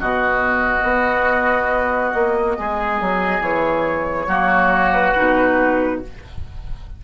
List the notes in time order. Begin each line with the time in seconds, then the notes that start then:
0.00 B2 B3 F#4 D#5
0.83 B3
2.14 A#3
2.57 G#3 G#4
3.01 F#3
3.41 E3 C#5
4.27 F#3 A#3 F#4
4.93 B4
5.16 B2 D#4